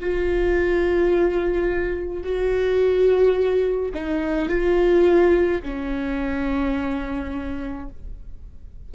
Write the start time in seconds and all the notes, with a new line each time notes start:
0.00 F4
2.22 F#4
3.94 D#4
4.49 F4
5.62 C#4